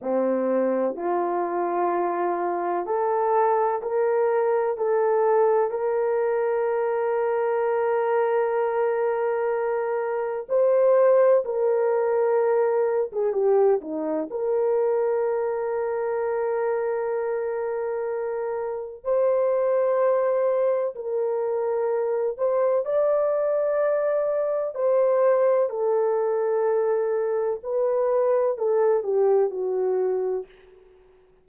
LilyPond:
\new Staff \with { instrumentName = "horn" } { \time 4/4 \tempo 4 = 63 c'4 f'2 a'4 | ais'4 a'4 ais'2~ | ais'2. c''4 | ais'4.~ ais'16 gis'16 g'8 dis'8 ais'4~ |
ais'1 | c''2 ais'4. c''8 | d''2 c''4 a'4~ | a'4 b'4 a'8 g'8 fis'4 | }